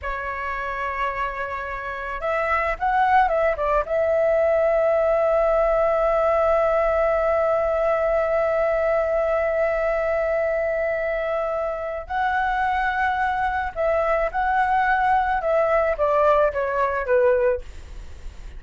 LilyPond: \new Staff \with { instrumentName = "flute" } { \time 4/4 \tempo 4 = 109 cis''1 | e''4 fis''4 e''8 d''8 e''4~ | e''1~ | e''1~ |
e''1~ | e''2 fis''2~ | fis''4 e''4 fis''2 | e''4 d''4 cis''4 b'4 | }